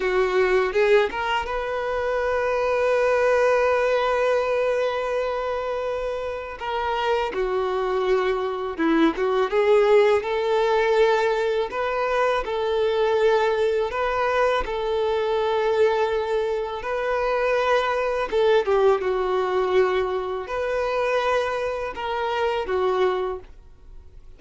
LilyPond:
\new Staff \with { instrumentName = "violin" } { \time 4/4 \tempo 4 = 82 fis'4 gis'8 ais'8 b'2~ | b'1~ | b'4 ais'4 fis'2 | e'8 fis'8 gis'4 a'2 |
b'4 a'2 b'4 | a'2. b'4~ | b'4 a'8 g'8 fis'2 | b'2 ais'4 fis'4 | }